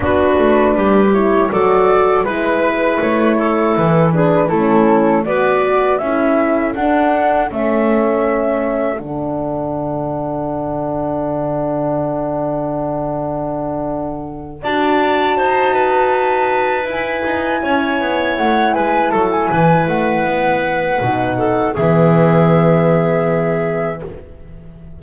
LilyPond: <<
  \new Staff \with { instrumentName = "flute" } { \time 4/4 \tempo 4 = 80 b'4. cis''8 d''4 b'4 | cis''4 b'4 a'4 d''4 | e''4 fis''4 e''2 | fis''1~ |
fis''2.~ fis''8 a''8~ | a''2~ a''8 gis''4.~ | gis''8 fis''8 gis''8 a''16 gis''8. fis''4.~ | fis''4 e''2. | }
  \new Staff \with { instrumentName = "clarinet" } { \time 4/4 fis'4 g'4 a'4 b'4~ | b'8 a'4 gis'8 e'4 b'4 | a'1~ | a'1~ |
a'2.~ a'8 d''8~ | d''8 c''8 b'2~ b'8 cis''8~ | cis''4 b'8 a'8 b'2~ | b'8 a'8 gis'2. | }
  \new Staff \with { instrumentName = "horn" } { \time 4/4 d'4. e'8 fis'4 e'4~ | e'4. d'8 cis'4 fis'4 | e'4 d'4 cis'2 | d'1~ |
d'2.~ d'8 fis'8~ | fis'2~ fis'8 e'4.~ | e'1 | dis'4 b2. | }
  \new Staff \with { instrumentName = "double bass" } { \time 4/4 b8 a8 g4 fis4 gis4 | a4 e4 a4 b4 | cis'4 d'4 a2 | d1~ |
d2.~ d8 d'8~ | d'8 dis'2 e'8 dis'8 cis'8 | b8 a8 gis8 fis8 e8 a8 b4 | b,4 e2. | }
>>